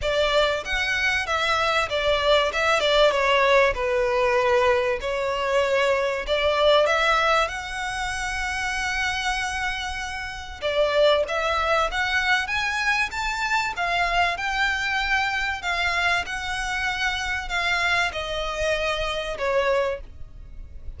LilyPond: \new Staff \with { instrumentName = "violin" } { \time 4/4 \tempo 4 = 96 d''4 fis''4 e''4 d''4 | e''8 d''8 cis''4 b'2 | cis''2 d''4 e''4 | fis''1~ |
fis''4 d''4 e''4 fis''4 | gis''4 a''4 f''4 g''4~ | g''4 f''4 fis''2 | f''4 dis''2 cis''4 | }